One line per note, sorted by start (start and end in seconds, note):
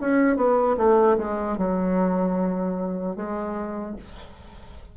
0.00 0.36 C#4
0.36 0.76 B3
0.77 1.17 A3
1.17 1.57 G#3
1.57 3.16 F#3
3.16 3.96 G#3